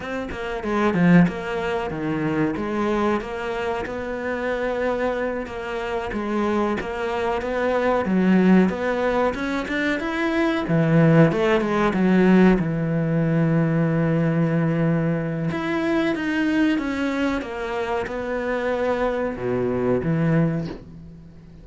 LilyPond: \new Staff \with { instrumentName = "cello" } { \time 4/4 \tempo 4 = 93 c'8 ais8 gis8 f8 ais4 dis4 | gis4 ais4 b2~ | b8 ais4 gis4 ais4 b8~ | b8 fis4 b4 cis'8 d'8 e'8~ |
e'8 e4 a8 gis8 fis4 e8~ | e1 | e'4 dis'4 cis'4 ais4 | b2 b,4 e4 | }